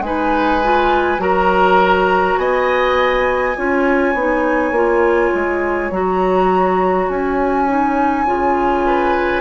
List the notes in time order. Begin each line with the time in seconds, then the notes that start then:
0.00 G#3 D#4 B4 G#5
0.63 F4
1.18 F#3 F#4 A#4 A#5
2.37 B3 D#5 G#5
3.56 C#4 F4 C#5
4.14 B3 D#4
4.71 A#3 F4
5.34 G#3
5.90 F#3 F#4 A#5
7.09 C#4 G#5
7.67 D#4
8.26 C#3 F4
8.86 B4